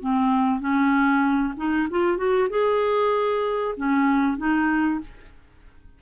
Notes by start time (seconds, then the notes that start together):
0.00 C4
0.60 C#4
1.57 D#4
1.90 F4
2.17 F#4
2.50 G#4
3.77 C#4
4.38 D#4